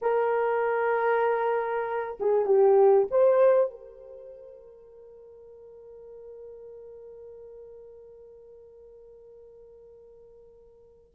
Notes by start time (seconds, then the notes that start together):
0.01 A#4
2.20 G#4
2.45 G4
3.10 C5
3.70 A#4